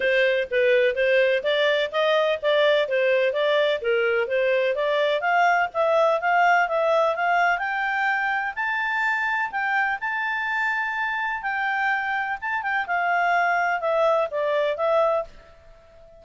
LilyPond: \new Staff \with { instrumentName = "clarinet" } { \time 4/4 \tempo 4 = 126 c''4 b'4 c''4 d''4 | dis''4 d''4 c''4 d''4 | ais'4 c''4 d''4 f''4 | e''4 f''4 e''4 f''4 |
g''2 a''2 | g''4 a''2. | g''2 a''8 g''8 f''4~ | f''4 e''4 d''4 e''4 | }